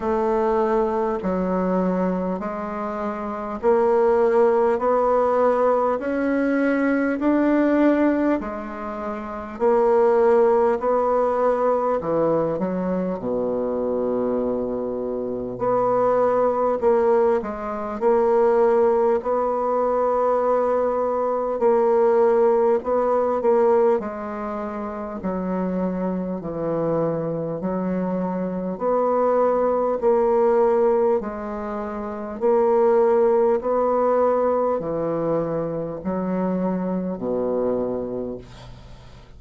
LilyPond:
\new Staff \with { instrumentName = "bassoon" } { \time 4/4 \tempo 4 = 50 a4 fis4 gis4 ais4 | b4 cis'4 d'4 gis4 | ais4 b4 e8 fis8 b,4~ | b,4 b4 ais8 gis8 ais4 |
b2 ais4 b8 ais8 | gis4 fis4 e4 fis4 | b4 ais4 gis4 ais4 | b4 e4 fis4 b,4 | }